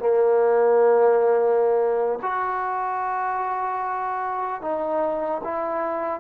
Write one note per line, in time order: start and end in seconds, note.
0.00 2.20 A#3
2.23 4.62 F#4
4.62 5.42 D#4
5.44 6.20 E4